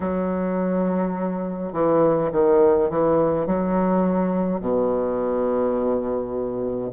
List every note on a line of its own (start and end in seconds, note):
0.00 1.73 F#3
1.73 2.30 E3
2.32 2.90 D#3
2.90 3.46 E3
3.46 4.60 F#3
4.60 6.91 B2